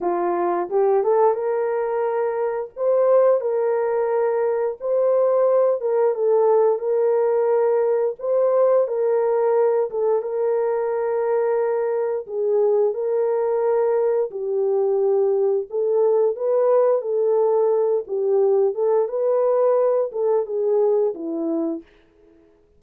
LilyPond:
\new Staff \with { instrumentName = "horn" } { \time 4/4 \tempo 4 = 88 f'4 g'8 a'8 ais'2 | c''4 ais'2 c''4~ | c''8 ais'8 a'4 ais'2 | c''4 ais'4. a'8 ais'4~ |
ais'2 gis'4 ais'4~ | ais'4 g'2 a'4 | b'4 a'4. g'4 a'8 | b'4. a'8 gis'4 e'4 | }